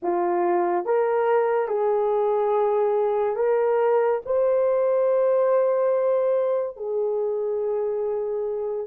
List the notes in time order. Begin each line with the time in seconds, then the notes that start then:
0.02 F4
0.85 A#4
1.68 G#4
3.36 A#4
4.25 C5
6.76 G#4